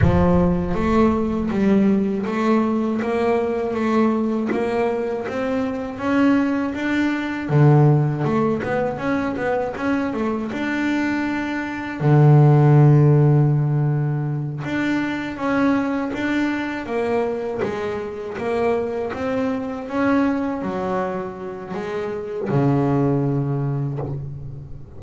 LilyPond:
\new Staff \with { instrumentName = "double bass" } { \time 4/4 \tempo 4 = 80 f4 a4 g4 a4 | ais4 a4 ais4 c'4 | cis'4 d'4 d4 a8 b8 | cis'8 b8 cis'8 a8 d'2 |
d2.~ d8 d'8~ | d'8 cis'4 d'4 ais4 gis8~ | gis8 ais4 c'4 cis'4 fis8~ | fis4 gis4 cis2 | }